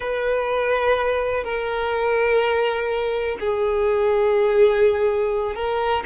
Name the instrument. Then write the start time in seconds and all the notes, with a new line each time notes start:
violin
0.00 B4
1.44 A#4
3.40 G#4
5.55 A#4